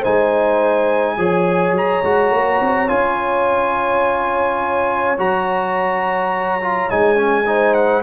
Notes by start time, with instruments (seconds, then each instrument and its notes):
0.00 tuba G#3, trombone D#4, horn C5, trumpet G#5
1.18 tuba F3, trombone G#4, horn C#5
1.72 tuba F#3, trumpet A#5
2.02 tuba G#3, trombone F#4
2.31 tuba A#3
2.61 tuba C4
2.88 tuba C#4, trombone F4, trumpet G#5
5.18 tuba F#3, trombone F#4, trumpet A#5
6.61 trombone F4
6.90 tuba G#3, trombone D#4, trumpet G#5
7.16 trombone C#4
7.46 trombone D#4, horn C5
7.74 trumpet F#5